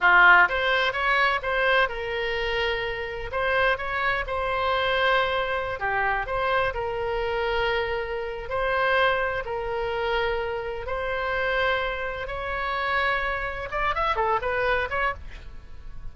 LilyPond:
\new Staff \with { instrumentName = "oboe" } { \time 4/4 \tempo 4 = 127 f'4 c''4 cis''4 c''4 | ais'2. c''4 | cis''4 c''2.~ | c''16 g'4 c''4 ais'4.~ ais'16~ |
ais'2 c''2 | ais'2. c''4~ | c''2 cis''2~ | cis''4 d''8 e''8 a'8 b'4 cis''8 | }